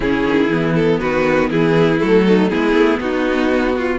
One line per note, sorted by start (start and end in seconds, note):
0.00 0.23 C#3
0.00 0.48 C#4
0.00 0.99 E4
0.00 0.74 G#4
0.24 0.49 D#3
0.49 0.99 E3
0.49 2.00 B3
0.75 0.99 A4
0.99 1.51 D#3
0.99 1.49 F#4
0.99 1.49 B4
1.50 2.01 E3
1.50 2.25 E4
1.50 1.99 G#4
1.99 2.52 F#3
1.99 2.50 A3
1.99 2.49 A4
2.27 2.50 D#4
2.49 2.73 G#3
2.49 3.99 B3
2.49 3.00 E4
2.49 2.99 G#4
2.73 2.98 A3
2.99 3.99 B3
2.99 3.76 D#4
2.99 3.99 F#4
3.77 3.99 F4